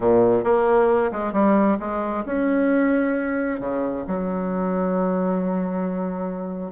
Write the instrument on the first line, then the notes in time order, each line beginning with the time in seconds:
bassoon
0.00 A#2
0.44 A#3
1.11 G#3
1.32 G3
1.79 G#3
2.25 C#4
3.60 C#3
4.07 F#3